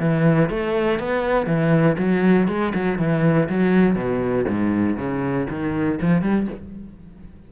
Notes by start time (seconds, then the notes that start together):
0.00 E3
0.50 A3
1.00 B3
1.47 E3
1.99 F#3
2.48 G#3
2.75 F#3
2.99 E3
3.49 F#3
3.95 B2
4.48 G#2
4.97 C#3
5.50 D#3
6.02 F3
6.22 G3